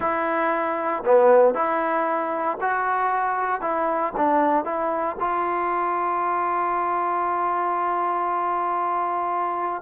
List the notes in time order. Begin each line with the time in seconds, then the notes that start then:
0.00 E4
1.05 B3
1.54 E4
2.60 F#4
3.61 E4
4.16 D4
4.64 E4
5.20 F4